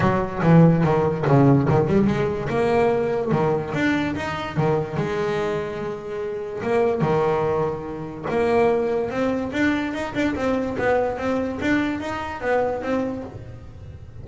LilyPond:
\new Staff \with { instrumentName = "double bass" } { \time 4/4 \tempo 4 = 145 fis4 e4 dis4 cis4 | dis8 g8 gis4 ais2 | dis4 d'4 dis'4 dis4 | gis1 |
ais4 dis2. | ais2 c'4 d'4 | dis'8 d'8 c'4 b4 c'4 | d'4 dis'4 b4 c'4 | }